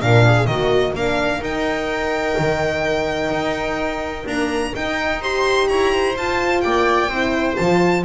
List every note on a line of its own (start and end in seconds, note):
0.00 0.46 A#2
0.00 0.46 D4
0.00 0.25 A#4
0.00 0.46 F5
0.25 0.49 G#4
0.46 0.93 D#3
0.46 0.94 A#3
0.46 0.96 F#4
0.46 0.93 D#5
0.93 1.40 A#3
0.93 1.43 D4
0.93 5.21 A#4
0.93 1.43 F5
1.41 2.36 D#4
1.41 4.25 D#4
1.41 4.27 G5
2.39 3.30 D#3
3.30 4.24 D#4
4.25 4.72 A#3
4.25 4.73 D4
4.25 4.74 A#5
4.73 5.21 D#4
4.73 5.70 D#4
4.73 5.22 G5
5.21 6.16 G4
5.21 5.68 C5
5.21 5.68 C6
5.68 6.16 E4
5.68 5.92 C#5
5.68 6.15 A#5
5.92 6.63 C5
6.16 6.63 F4
6.16 7.11 F4
6.16 6.61 A5
6.61 7.08 A#3
6.61 7.09 D5
6.61 7.55 G5
7.08 7.55 C4
7.08 7.57 E4
7.08 8.03 C5
7.56 8.04 F3
7.56 8.04 F4
7.56 8.03 A5